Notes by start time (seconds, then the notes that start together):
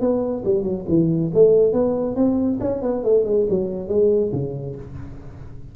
0.00 B3
0.45 G3
0.63 F#3
0.88 E3
1.34 A3
1.72 B3
2.15 C4
2.60 C#4
2.82 B3
3.04 A3
3.25 G#3
3.49 F#3
3.88 G#3
4.32 C#3